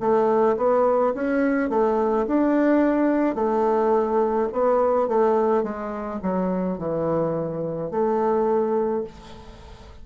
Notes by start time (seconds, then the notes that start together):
0.00 A3
0.57 B3
1.15 C#4
1.69 A3
2.27 D4
3.36 A3
4.52 B3
5.08 A3
5.63 G#3
6.23 F#3
6.78 E3
7.91 A3